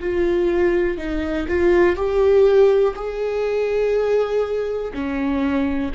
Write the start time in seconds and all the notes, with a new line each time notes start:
0.00 F4
0.98 D#4
1.48 F4
1.96 G4
2.96 G#4
4.94 C#4